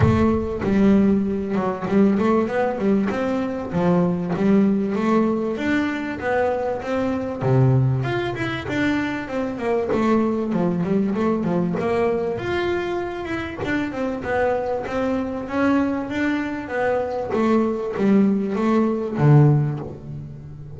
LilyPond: \new Staff \with { instrumentName = "double bass" } { \time 4/4 \tempo 4 = 97 a4 g4. fis8 g8 a8 | b8 g8 c'4 f4 g4 | a4 d'4 b4 c'4 | c4 f'8 e'8 d'4 c'8 ais8 |
a4 f8 g8 a8 f8 ais4 | f'4. e'8 d'8 c'8 b4 | c'4 cis'4 d'4 b4 | a4 g4 a4 d4 | }